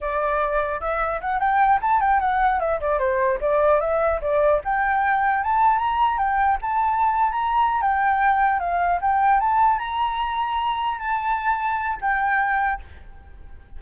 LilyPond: \new Staff \with { instrumentName = "flute" } { \time 4/4 \tempo 4 = 150 d''2 e''4 fis''8 g''8~ | g''8 a''8 g''8 fis''4 e''8 d''8 c''8~ | c''8 d''4 e''4 d''4 g''8~ | g''4. a''4 ais''4 g''8~ |
g''8 a''4.~ a''16 ais''4~ ais''16 g''8~ | g''4. f''4 g''4 a''8~ | a''8 ais''2. a''8~ | a''2 g''2 | }